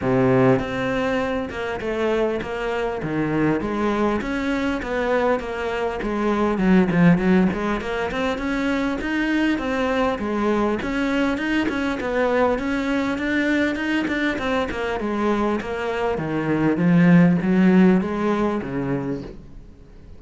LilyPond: \new Staff \with { instrumentName = "cello" } { \time 4/4 \tempo 4 = 100 c4 c'4. ais8 a4 | ais4 dis4 gis4 cis'4 | b4 ais4 gis4 fis8 f8 | fis8 gis8 ais8 c'8 cis'4 dis'4 |
c'4 gis4 cis'4 dis'8 cis'8 | b4 cis'4 d'4 dis'8 d'8 | c'8 ais8 gis4 ais4 dis4 | f4 fis4 gis4 cis4 | }